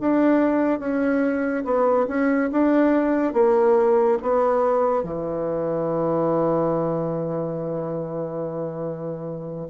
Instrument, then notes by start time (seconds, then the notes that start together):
bassoon
0.00 D4
0.80 C#4
1.64 B3
2.08 C#4
2.52 D4
3.33 A#3
4.22 B3
5.03 E3